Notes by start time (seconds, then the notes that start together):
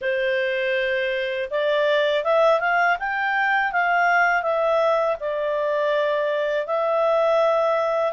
0.01 C5
1.50 D5
2.24 E5
2.60 F5
2.99 G5
3.71 F5
4.42 E5
5.20 D5
6.66 E5